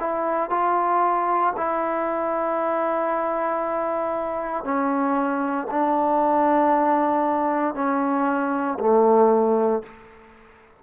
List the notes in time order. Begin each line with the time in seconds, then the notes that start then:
0.00 E4
0.50 F4
1.57 E4
4.65 C#4
5.71 D4
7.75 C#4
8.80 A3